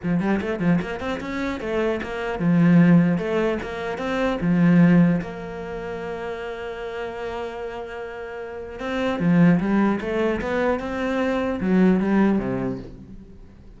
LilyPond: \new Staff \with { instrumentName = "cello" } { \time 4/4 \tempo 4 = 150 f8 g8 a8 f8 ais8 c'8 cis'4 | a4 ais4 f2 | a4 ais4 c'4 f4~ | f4 ais2.~ |
ais1~ | ais2 c'4 f4 | g4 a4 b4 c'4~ | c'4 fis4 g4 c4 | }